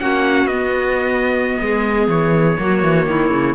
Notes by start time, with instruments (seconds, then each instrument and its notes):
0.00 cello A#3, viola C#4, clarinet F#4, trumpet F#5
0.46 cello B3, trumpet D#5
0.52 viola B3
1.61 cello G#3, clarinet G#4
2.08 cello E3, trumpet C#5
2.59 cello F#3, viola A#3, clarinet F#4
2.83 cello E3
3.06 cello D#3, clarinet E4
3.30 cello C#3